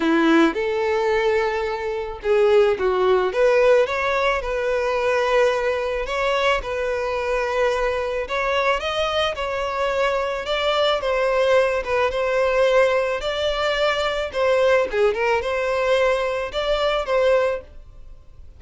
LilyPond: \new Staff \with { instrumentName = "violin" } { \time 4/4 \tempo 4 = 109 e'4 a'2. | gis'4 fis'4 b'4 cis''4 | b'2. cis''4 | b'2. cis''4 |
dis''4 cis''2 d''4 | c''4. b'8 c''2 | d''2 c''4 gis'8 ais'8 | c''2 d''4 c''4 | }